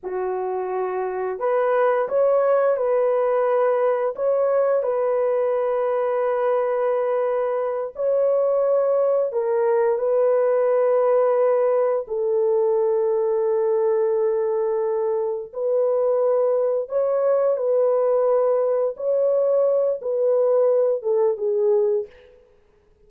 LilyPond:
\new Staff \with { instrumentName = "horn" } { \time 4/4 \tempo 4 = 87 fis'2 b'4 cis''4 | b'2 cis''4 b'4~ | b'2.~ b'8 cis''8~ | cis''4. ais'4 b'4.~ |
b'4. a'2~ a'8~ | a'2~ a'8 b'4.~ | b'8 cis''4 b'2 cis''8~ | cis''4 b'4. a'8 gis'4 | }